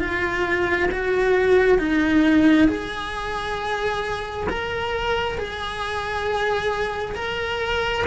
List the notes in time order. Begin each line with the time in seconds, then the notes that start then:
0.00 F4
0.91 F#4
1.79 D#4
2.68 G#4
4.49 A#4
5.38 G#4
7.15 A#4